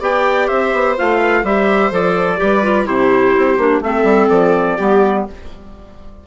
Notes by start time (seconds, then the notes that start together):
0.00 B3 G4 D5 G5
0.48 C4 C5 E5
0.72 B3
0.97 A3 F4 F5
1.17 B4
1.43 G3 G4 C5 E5
1.90 F3 A4 D5
2.37 G3 G4 B4
2.62 F4
2.85 C3 E4 G4 C5
3.36 C4
3.57 A#3 D4
3.80 A3 C4 A4 E5
4.03 G3
4.29 F3 D5
4.76 G3 B3 G4